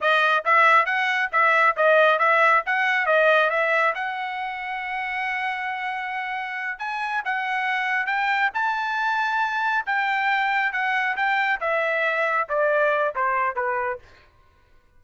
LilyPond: \new Staff \with { instrumentName = "trumpet" } { \time 4/4 \tempo 4 = 137 dis''4 e''4 fis''4 e''4 | dis''4 e''4 fis''4 dis''4 | e''4 fis''2.~ | fis''2.~ fis''8 gis''8~ |
gis''8 fis''2 g''4 a''8~ | a''2~ a''8 g''4.~ | g''8 fis''4 g''4 e''4.~ | e''8 d''4. c''4 b'4 | }